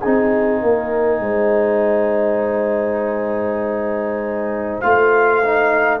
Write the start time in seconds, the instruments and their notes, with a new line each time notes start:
0.00 tuba C4, trombone D#4, horn G#4, trumpet G#5
0.61 tuba A#3, horn A#4
1.20 tuba G#3, horn C5
4.80 tuba A3, trombone F4, trumpet F5
5.44 trombone D#4